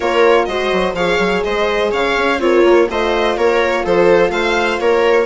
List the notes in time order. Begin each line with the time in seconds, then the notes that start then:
0.00 A#3 F4 A#4 C#5
0.45 G#3 F#4 C5 D#5
0.72 F#3
0.93 F3 G#4 C#5 F5
1.18 F#3
1.43 G#3 C5 D#5
1.91 C#3 C#5 F5
2.16 C#4
2.39 C4 F4 A#4 C#5
2.64 A#3
2.88 A3 F4 C5 D#5
3.36 A#3 A#4 C#5
3.83 F3 A4 C5
4.29 A3 C5 F5
4.79 A#3 A#4 C#5